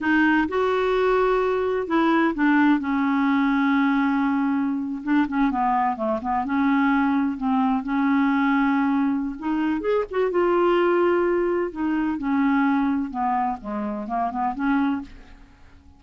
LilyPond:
\new Staff \with { instrumentName = "clarinet" } { \time 4/4 \tempo 4 = 128 dis'4 fis'2. | e'4 d'4 cis'2~ | cis'2~ cis'8. d'8 cis'8 b16~ | b8. a8 b8 cis'2 c'16~ |
c'8. cis'2.~ cis'16 | dis'4 gis'8 fis'8 f'2~ | f'4 dis'4 cis'2 | b4 gis4 ais8 b8 cis'4 | }